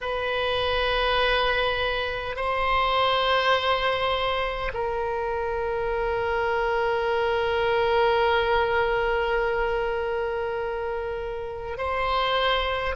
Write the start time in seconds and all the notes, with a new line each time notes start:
0.01 B4
2.36 C5
4.73 A#4
11.77 C5